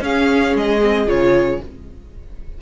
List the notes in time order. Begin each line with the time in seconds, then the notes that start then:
0.00 C#4 G#4 F5
0.55 G#3 D#5
0.83 C4
1.07 C#3 F4 C#5